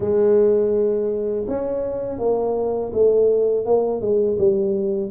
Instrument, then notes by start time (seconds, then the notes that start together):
tuba
0.00 G#3
1.48 C#4
2.19 A#3
2.93 A3
3.66 A#3
4.01 G#3
4.38 G3